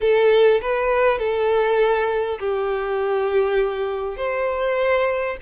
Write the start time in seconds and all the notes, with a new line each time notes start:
0.01 A4
0.61 B4
1.18 A4
2.39 G4
4.16 C5